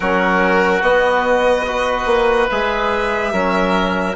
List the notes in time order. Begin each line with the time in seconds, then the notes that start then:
0.00 F#3 C#4 F#4 A#4
0.81 B3 D#5
1.66 F#4 B4
2.05 A#3
2.49 G#3 G#4 E5
3.32 F#3 C#4 A#4